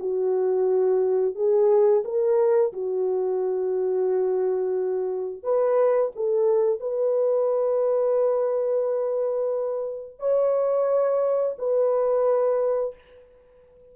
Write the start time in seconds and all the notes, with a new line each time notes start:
0.00 F#4
1.35 G#4
2.05 A#4
2.73 F#4
5.44 B4
6.16 A4
6.80 B4
10.20 C#5
11.58 B4